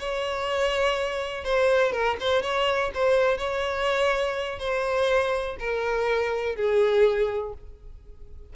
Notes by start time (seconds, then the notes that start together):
0.00 C#5
1.45 C5
1.93 A#4
2.21 C5
2.43 C#5
2.95 C5
3.38 C#5
4.60 C5
5.60 A#4
6.56 G#4